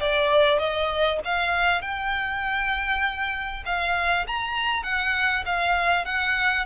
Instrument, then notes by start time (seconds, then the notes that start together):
violin
0.00 D5
0.59 D#5
1.24 F5
1.81 G5
3.65 F5
4.27 A#5
4.83 F#5
5.45 F5
6.05 F#5